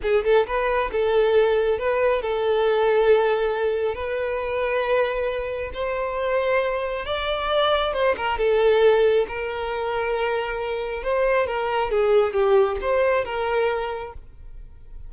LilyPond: \new Staff \with { instrumentName = "violin" } { \time 4/4 \tempo 4 = 136 gis'8 a'8 b'4 a'2 | b'4 a'2.~ | a'4 b'2.~ | b'4 c''2. |
d''2 c''8 ais'8 a'4~ | a'4 ais'2.~ | ais'4 c''4 ais'4 gis'4 | g'4 c''4 ais'2 | }